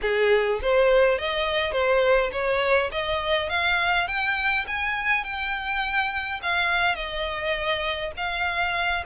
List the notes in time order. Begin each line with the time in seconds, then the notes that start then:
0.01 G#4
0.62 C5
1.18 D#5
1.72 C5
2.31 C#5
2.91 D#5
3.49 F5
4.07 G5
4.67 G#5
5.24 G5
6.42 F5
6.95 D#5
8.16 F5